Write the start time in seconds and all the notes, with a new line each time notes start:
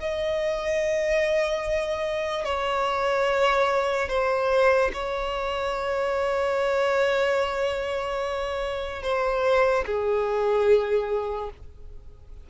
0.00 D#5
2.45 C#5
4.09 C5
4.94 C#5
9.03 C5
9.86 G#4